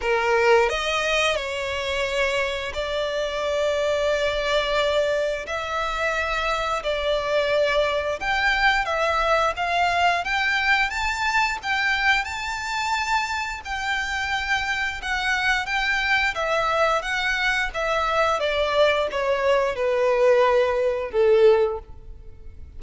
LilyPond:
\new Staff \with { instrumentName = "violin" } { \time 4/4 \tempo 4 = 88 ais'4 dis''4 cis''2 | d''1 | e''2 d''2 | g''4 e''4 f''4 g''4 |
a''4 g''4 a''2 | g''2 fis''4 g''4 | e''4 fis''4 e''4 d''4 | cis''4 b'2 a'4 | }